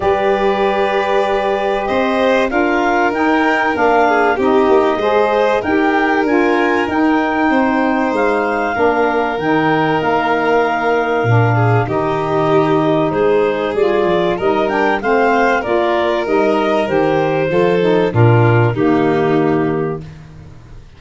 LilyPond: <<
  \new Staff \with { instrumentName = "clarinet" } { \time 4/4 \tempo 4 = 96 d''2. dis''4 | f''4 g''4 f''4 dis''4~ | dis''4 g''4 gis''4 g''4~ | g''4 f''2 g''4 |
f''2. dis''4~ | dis''4 c''4 d''4 dis''8 g''8 | f''4 d''4 dis''4 c''4~ | c''4 ais'4 g'2 | }
  \new Staff \with { instrumentName = "violin" } { \time 4/4 b'2. c''4 | ais'2~ ais'8 gis'8 g'4 | c''4 ais'2. | c''2 ais'2~ |
ais'2~ ais'8 gis'8 g'4~ | g'4 gis'2 ais'4 | c''4 ais'2. | a'4 f'4 dis'2 | }
  \new Staff \with { instrumentName = "saxophone" } { \time 4/4 g'1 | f'4 dis'4 d'4 dis'4 | gis'4 g'4 f'4 dis'4~ | dis'2 d'4 dis'4~ |
dis'2 d'4 dis'4~ | dis'2 f'4 dis'8 d'8 | c'4 f'4 dis'4 g'4 | f'8 dis'8 d'4 ais2 | }
  \new Staff \with { instrumentName = "tuba" } { \time 4/4 g2. c'4 | d'4 dis'4 ais4 c'8 ais8 | gis4 dis'4 d'4 dis'4 | c'4 gis4 ais4 dis4 |
ais2 ais,4 dis4~ | dis4 gis4 g8 f8 g4 | a4 ais4 g4 dis4 | f4 ais,4 dis2 | }
>>